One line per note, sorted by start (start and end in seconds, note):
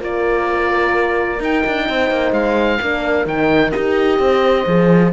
0.00 1.40 A#3
0.00 1.40 F4
0.00 1.86 A#4
0.00 1.43 D5
1.40 1.63 D#4
1.40 2.81 D#4
1.40 2.33 G5
1.66 1.89 D4
1.88 2.11 C4
1.88 2.81 C5
2.11 2.32 A#3
2.32 2.78 G#3
2.32 3.26 F5
2.81 3.26 A#3
2.81 3.28 D4
2.81 4.21 A#4
3.26 3.72 D#3
3.26 3.73 D#4
3.26 3.72 G5
3.72 4.19 D#4
3.72 4.66 G4
3.72 5.11 D#5
4.19 4.66 C4
4.19 5.13 C5
4.66 5.13 F3
4.66 5.12 G#4